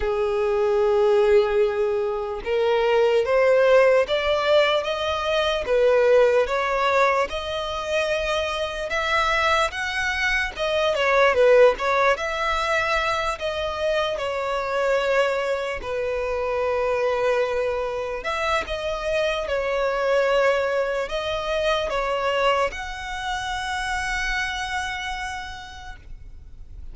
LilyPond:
\new Staff \with { instrumentName = "violin" } { \time 4/4 \tempo 4 = 74 gis'2. ais'4 | c''4 d''4 dis''4 b'4 | cis''4 dis''2 e''4 | fis''4 dis''8 cis''8 b'8 cis''8 e''4~ |
e''8 dis''4 cis''2 b'8~ | b'2~ b'8 e''8 dis''4 | cis''2 dis''4 cis''4 | fis''1 | }